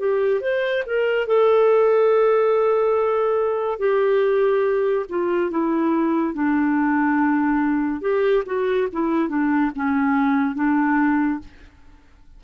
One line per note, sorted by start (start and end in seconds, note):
0.00 0.41 G4
0.41 0.83 C5
0.87 1.27 A#4
1.27 3.80 A4
3.80 5.06 G4
5.09 5.51 F4
5.51 6.34 E4
6.34 8.01 D4
8.01 8.44 G4
8.46 8.88 F#4
8.93 9.29 E4
9.29 9.71 D4
9.76 10.55 C#4
10.55 11.40 D4